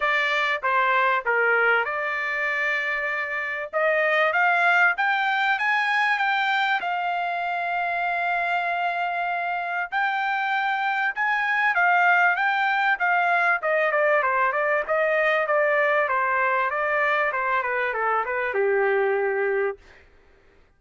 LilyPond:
\new Staff \with { instrumentName = "trumpet" } { \time 4/4 \tempo 4 = 97 d''4 c''4 ais'4 d''4~ | d''2 dis''4 f''4 | g''4 gis''4 g''4 f''4~ | f''1 |
g''2 gis''4 f''4 | g''4 f''4 dis''8 d''8 c''8 d''8 | dis''4 d''4 c''4 d''4 | c''8 b'8 a'8 b'8 g'2 | }